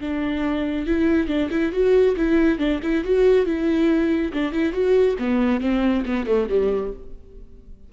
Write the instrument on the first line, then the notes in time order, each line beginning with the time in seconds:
viola
0.00 D4
0.86 E4
1.27 D4
1.50 E4
1.72 F#4
2.16 E4
2.58 D4
2.82 E4
3.04 F#4
3.45 E4
4.32 D4
4.52 E4
4.72 F#4
5.19 B3
5.60 C4
6.05 B3
6.26 A3
6.49 G3